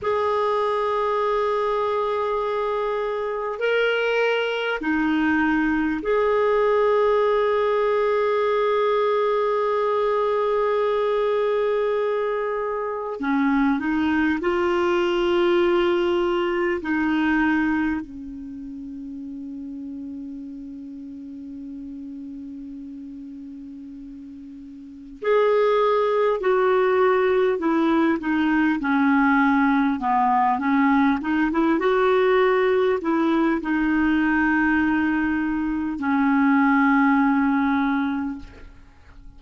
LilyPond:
\new Staff \with { instrumentName = "clarinet" } { \time 4/4 \tempo 4 = 50 gis'2. ais'4 | dis'4 gis'2.~ | gis'2. cis'8 dis'8 | f'2 dis'4 cis'4~ |
cis'1~ | cis'4 gis'4 fis'4 e'8 dis'8 | cis'4 b8 cis'8 dis'16 e'16 fis'4 e'8 | dis'2 cis'2 | }